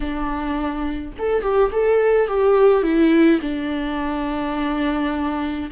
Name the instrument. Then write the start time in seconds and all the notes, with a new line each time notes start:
viola
0.00 D4
1.18 A4
1.42 G4
1.71 A4
2.27 G4
2.82 E4
3.41 D4